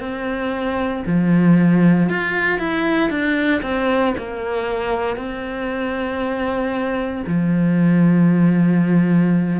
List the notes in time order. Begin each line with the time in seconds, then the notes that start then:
0.00 C4
1.06 F3
2.09 F4
2.59 E4
3.10 D4
3.62 C4
4.18 A#3
5.16 C4
7.27 F3